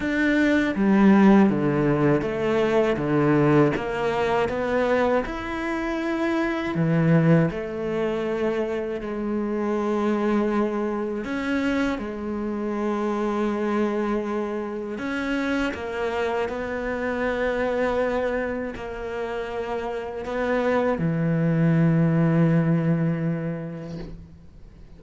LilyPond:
\new Staff \with { instrumentName = "cello" } { \time 4/4 \tempo 4 = 80 d'4 g4 d4 a4 | d4 ais4 b4 e'4~ | e'4 e4 a2 | gis2. cis'4 |
gis1 | cis'4 ais4 b2~ | b4 ais2 b4 | e1 | }